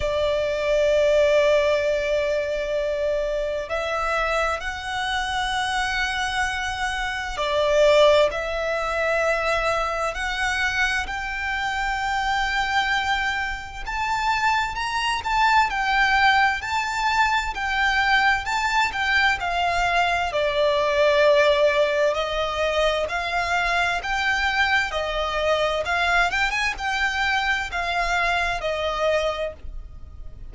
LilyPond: \new Staff \with { instrumentName = "violin" } { \time 4/4 \tempo 4 = 65 d''1 | e''4 fis''2. | d''4 e''2 fis''4 | g''2. a''4 |
ais''8 a''8 g''4 a''4 g''4 | a''8 g''8 f''4 d''2 | dis''4 f''4 g''4 dis''4 | f''8 g''16 gis''16 g''4 f''4 dis''4 | }